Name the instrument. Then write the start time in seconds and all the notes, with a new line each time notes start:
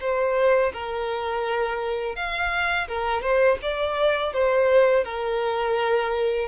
violin
0.00 C5
0.73 A#4
2.15 F5
2.88 A#4
3.22 C5
3.62 D5
4.33 C5
5.04 A#4